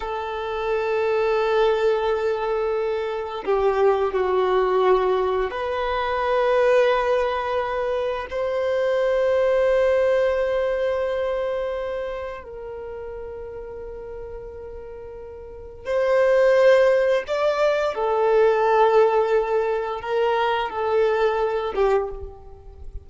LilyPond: \new Staff \with { instrumentName = "violin" } { \time 4/4 \tempo 4 = 87 a'1~ | a'4 g'4 fis'2 | b'1 | c''1~ |
c''2 ais'2~ | ais'2. c''4~ | c''4 d''4 a'2~ | a'4 ais'4 a'4. g'8 | }